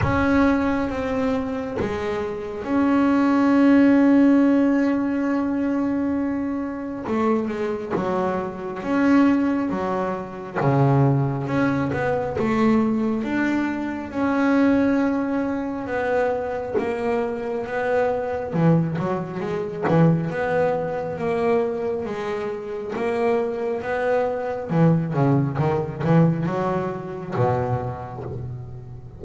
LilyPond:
\new Staff \with { instrumentName = "double bass" } { \time 4/4 \tempo 4 = 68 cis'4 c'4 gis4 cis'4~ | cis'1 | a8 gis8 fis4 cis'4 fis4 | cis4 cis'8 b8 a4 d'4 |
cis'2 b4 ais4 | b4 e8 fis8 gis8 e8 b4 | ais4 gis4 ais4 b4 | e8 cis8 dis8 e8 fis4 b,4 | }